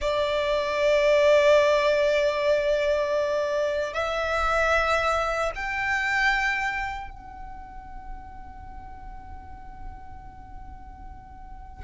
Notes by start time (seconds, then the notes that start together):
0.01 D5
3.93 E5
5.55 G5
7.10 F#5